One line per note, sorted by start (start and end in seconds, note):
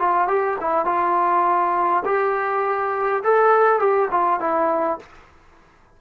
0.00 0.28 F4
0.28 0.57 G4
0.61 0.86 E4
0.86 2.03 F4
2.05 3.23 G4
3.24 3.80 A4
3.80 4.09 G4
4.11 4.41 F4
4.41 4.99 E4